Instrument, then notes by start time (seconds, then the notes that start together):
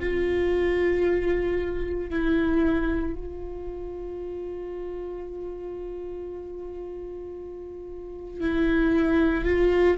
viola
0.00 F4
2.10 E4
3.15 F4
8.41 E4
9.45 F4